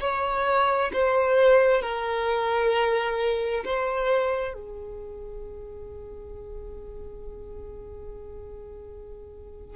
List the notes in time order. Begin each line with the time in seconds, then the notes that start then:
0.00 C#5
0.93 C5
1.82 A#4
3.64 C5
4.54 G#4